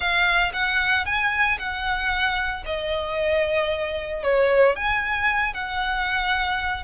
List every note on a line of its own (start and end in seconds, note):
0.00 0.51 F5
0.53 1.05 F#5
1.05 1.58 G#5
1.58 2.64 F#5
2.65 4.23 D#5
4.23 4.75 C#5
4.75 5.53 G#5
5.53 6.83 F#5